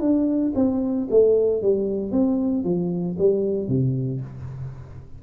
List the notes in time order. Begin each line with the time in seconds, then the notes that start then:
0.00 D4
0.55 C4
1.10 A3
1.62 G3
2.11 C4
2.64 F3
3.18 G3
3.68 C3